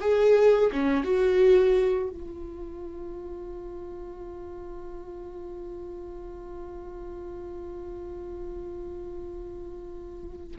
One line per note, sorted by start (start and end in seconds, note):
0.00 0.71 G#4
0.72 1.04 C#4
1.04 2.09 F#4
2.09 10.56 F4